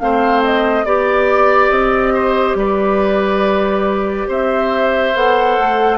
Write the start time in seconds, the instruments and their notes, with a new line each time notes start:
0.00 bassoon A3, clarinet C4, oboe C5, flute F5
0.44 flute D#5
0.85 bassoon B3, clarinet G4, oboe D5, flute D5
1.70 bassoon C4, flute D#5
2.14 oboe C5
2.55 bassoon G3, oboe B4, flute D5
4.28 bassoon C4, oboe C5, flute E5
5.15 bassoon B3, clarinet A4, flute F#5
5.59 bassoon A3